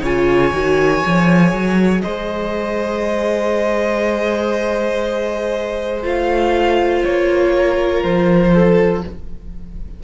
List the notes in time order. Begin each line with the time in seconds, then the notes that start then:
0.00 C#3 F4 C#5 G#5
0.53 D#3 F#4
1.04 F3 G#4
1.52 F#3
2.01 G#3 C5 D#5
6.03 A3 F4 F5
7.04 A#3 C#5
7.57 A#4
8.03 F3 C5
8.53 A4